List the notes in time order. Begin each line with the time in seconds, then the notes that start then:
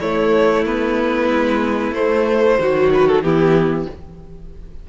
0.00 A3 E4 C#5
0.65 B3 B4
1.29 G#3
1.91 A3 C5
2.58 D#3 F#3 F#4
2.94 B4
3.08 A4
3.21 E3 B3 E4 G4